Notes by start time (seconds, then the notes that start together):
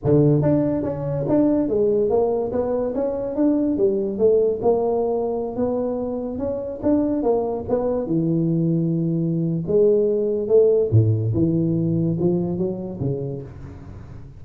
0.04 D3
0.42 D4
0.83 C#4
1.28 D4
1.68 G#3
2.09 A#3
2.52 B3
2.94 C#4
3.35 D4
3.77 G3
4.18 A3
4.62 A#3
5.56 B3
6.38 C#4
6.83 D4
7.22 A#3
7.68 B3
8.06 E3
9.67 G#3
10.48 A3
10.91 A2
11.33 E3
12.19 F3
12.57 F#3
13.00 C#3